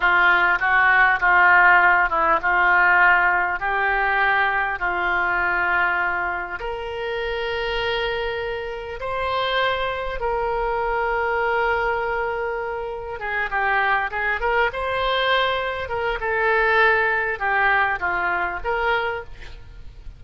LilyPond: \new Staff \with { instrumentName = "oboe" } { \time 4/4 \tempo 4 = 100 f'4 fis'4 f'4. e'8 | f'2 g'2 | f'2. ais'4~ | ais'2. c''4~ |
c''4 ais'2.~ | ais'2 gis'8 g'4 gis'8 | ais'8 c''2 ais'8 a'4~ | a'4 g'4 f'4 ais'4 | }